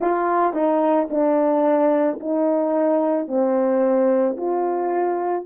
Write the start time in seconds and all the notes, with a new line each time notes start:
0.00 F4
0.53 D#4
1.10 D4
2.20 D#4
3.27 C4
4.37 F4